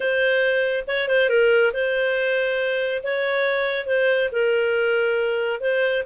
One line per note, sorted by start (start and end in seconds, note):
0.00 0.84 C5
0.87 1.08 C#5
1.08 1.29 C5
1.29 1.72 A#4
1.73 3.02 C5
3.03 3.86 C#5
3.86 4.29 C5
4.31 5.60 A#4
5.60 6.03 C5